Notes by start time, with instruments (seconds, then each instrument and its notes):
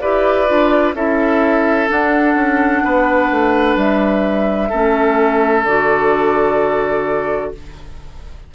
0.00 bassoon E4, clarinet G4, oboe B4, flute D5
0.47 bassoon D4, clarinet F4
0.94 bassoon C#4, clarinet E4, oboe A4, flute E5
1.88 clarinet D4, bassoon D4, flute F#5
2.35 bassoon C#4
2.84 bassoon B3, oboe B4
3.31 bassoon A3
3.76 bassoon G3, flute E5
4.69 bassoon A3, clarinet C#4, oboe A4
5.64 bassoon D3, clarinet F#4, flute D5